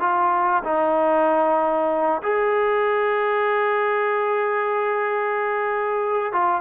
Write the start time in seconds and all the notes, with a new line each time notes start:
0.00 F4
0.64 D#4
2.23 G#4
6.33 F4